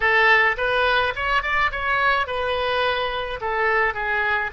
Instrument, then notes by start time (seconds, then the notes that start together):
oboe
0.00 A4
0.57 B4
1.15 C#5
1.42 D5
1.71 C#5
2.26 B4
3.40 A4
3.94 G#4